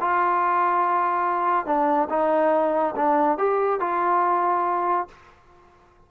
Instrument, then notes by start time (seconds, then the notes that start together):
trombone
0.00 F4
1.66 D4
2.09 D#4
2.96 D4
3.38 G4
3.80 F4